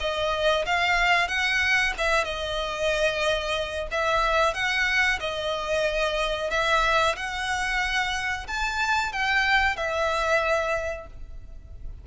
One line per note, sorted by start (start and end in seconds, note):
0.00 0.65 D#5
0.66 1.28 F5
1.28 1.93 F#5
1.98 2.24 E5
2.24 3.87 D#5
3.91 4.54 E5
4.54 5.19 F#5
5.20 6.50 D#5
6.50 7.15 E5
7.16 8.46 F#5
8.47 9.12 A5
9.12 9.76 G5
9.76 11.07 E5